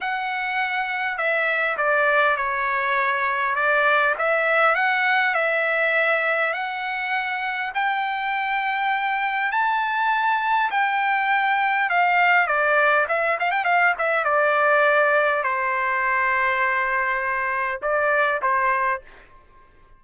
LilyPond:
\new Staff \with { instrumentName = "trumpet" } { \time 4/4 \tempo 4 = 101 fis''2 e''4 d''4 | cis''2 d''4 e''4 | fis''4 e''2 fis''4~ | fis''4 g''2. |
a''2 g''2 | f''4 d''4 e''8 f''16 g''16 f''8 e''8 | d''2 c''2~ | c''2 d''4 c''4 | }